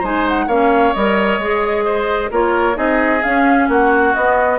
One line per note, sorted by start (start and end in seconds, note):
0.00 0.48 G#3
0.00 0.49 D#4
0.00 0.46 C5
0.00 0.28 G#5
0.29 0.49 F#5
0.48 0.94 A#3
0.48 0.95 C#4
0.48 1.85 C#5
0.48 0.94 F5
0.94 1.39 G3
0.94 1.42 A#4
0.94 2.31 D#5
1.39 2.30 G#3
1.39 2.32 G#4
1.85 2.31 C5
2.31 2.77 A#3
2.31 2.75 F4
2.31 2.77 A#4
2.31 2.78 C#5
2.75 3.24 C4
2.75 3.20 D#4
2.75 3.69 G#4
2.75 3.24 D#5
3.24 4.16 C#4
3.24 3.69 C#4
3.24 3.69 F5
3.69 4.15 A#3
3.69 4.59 F#4
3.69 4.15 F#5
4.15 4.59 B3
4.15 4.59 D#5